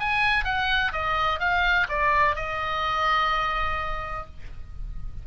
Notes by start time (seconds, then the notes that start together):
0.00 G#5
0.45 F#5
0.93 D#5
1.40 F5
1.89 D5
2.36 D#5